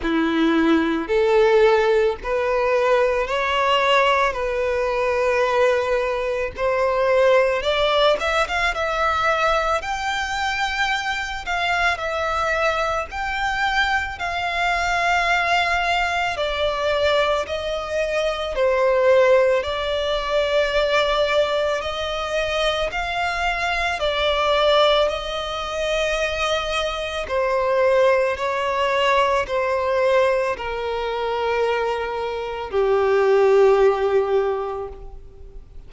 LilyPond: \new Staff \with { instrumentName = "violin" } { \time 4/4 \tempo 4 = 55 e'4 a'4 b'4 cis''4 | b'2 c''4 d''8 e''16 f''16 | e''4 g''4. f''8 e''4 | g''4 f''2 d''4 |
dis''4 c''4 d''2 | dis''4 f''4 d''4 dis''4~ | dis''4 c''4 cis''4 c''4 | ais'2 g'2 | }